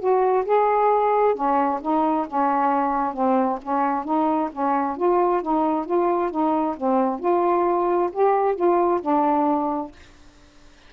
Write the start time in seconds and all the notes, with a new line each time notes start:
0.00 F#4
0.46 G#4
1.35 C#4
1.82 D#4
2.28 C#4
3.14 C4
3.63 C#4
4.05 D#4
4.53 C#4
4.97 F4
5.43 D#4
5.86 F4
6.31 D#4
6.78 C4
7.20 F4
8.13 G4
8.56 F4
9.02 D4